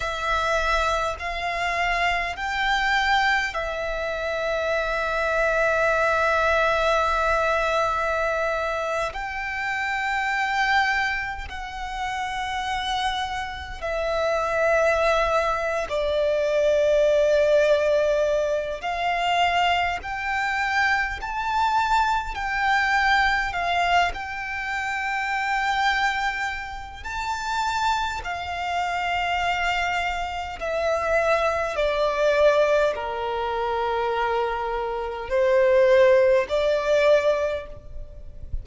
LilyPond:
\new Staff \with { instrumentName = "violin" } { \time 4/4 \tempo 4 = 51 e''4 f''4 g''4 e''4~ | e''2.~ e''8. g''16~ | g''4.~ g''16 fis''2 e''16~ | e''4. d''2~ d''8 |
f''4 g''4 a''4 g''4 | f''8 g''2~ g''8 a''4 | f''2 e''4 d''4 | ais'2 c''4 d''4 | }